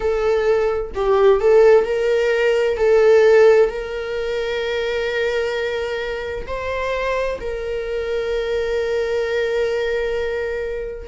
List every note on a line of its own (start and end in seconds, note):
0.00 0.91 A4
0.94 1.40 G4
1.40 1.85 A4
1.85 2.77 A#4
2.77 3.69 A4
3.69 6.46 A#4
6.47 7.39 C5
7.40 11.08 A#4